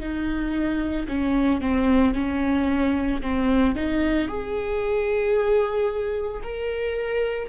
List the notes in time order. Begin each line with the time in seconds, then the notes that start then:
0.00 D#4
1.08 C#4
1.61 C4
2.14 C#4
3.22 C4
3.75 D#4
4.28 G#4
6.43 A#4